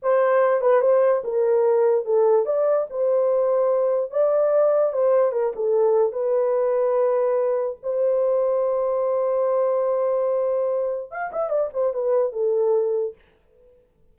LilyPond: \new Staff \with { instrumentName = "horn" } { \time 4/4 \tempo 4 = 146 c''4. b'8 c''4 ais'4~ | ais'4 a'4 d''4 c''4~ | c''2 d''2 | c''4 ais'8 a'4. b'4~ |
b'2. c''4~ | c''1~ | c''2. f''8 e''8 | d''8 c''8 b'4 a'2 | }